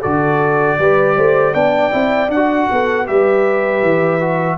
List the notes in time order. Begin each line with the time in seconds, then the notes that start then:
0.00 D3 F#4 A4 D5
0.78 G3 G4 B4
1.17 A3 C5
1.54 B3 D4 D5 G5
1.91 C4 E4
2.28 D4 F#5
2.36 F#4
2.71 B3 A4
3.07 G3 G4 B4 E5
3.83 E3
4.20 F#4